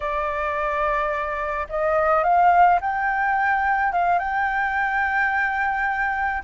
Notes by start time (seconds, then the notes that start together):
0.00 D5
1.69 D#5
2.23 F5
2.80 G5
3.92 F5
4.18 G5